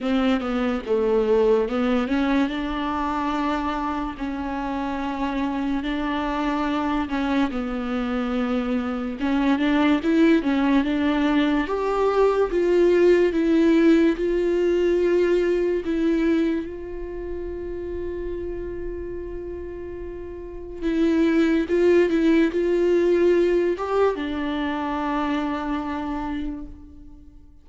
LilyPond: \new Staff \with { instrumentName = "viola" } { \time 4/4 \tempo 4 = 72 c'8 b8 a4 b8 cis'8 d'4~ | d'4 cis'2 d'4~ | d'8 cis'8 b2 cis'8 d'8 | e'8 cis'8 d'4 g'4 f'4 |
e'4 f'2 e'4 | f'1~ | f'4 e'4 f'8 e'8 f'4~ | f'8 g'8 d'2. | }